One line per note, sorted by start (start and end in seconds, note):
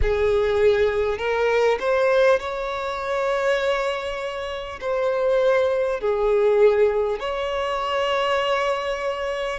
0.02 1.18 G#4
1.18 1.78 A#4
1.79 2.39 C5
2.39 4.79 C#5
4.81 6.00 C5
6.00 7.19 G#4
7.19 9.59 C#5